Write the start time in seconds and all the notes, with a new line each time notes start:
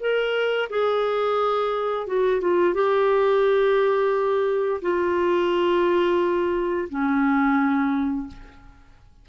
0.00 A#4
0.70 G#4
2.07 F#4
2.41 F4
2.74 G4
4.82 F4
6.89 C#4